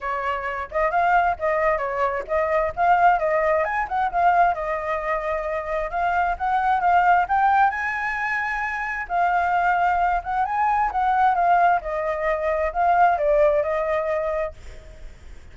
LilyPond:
\new Staff \with { instrumentName = "flute" } { \time 4/4 \tempo 4 = 132 cis''4. dis''8 f''4 dis''4 | cis''4 dis''4 f''4 dis''4 | gis''8 fis''8 f''4 dis''2~ | dis''4 f''4 fis''4 f''4 |
g''4 gis''2. | f''2~ f''8 fis''8 gis''4 | fis''4 f''4 dis''2 | f''4 d''4 dis''2 | }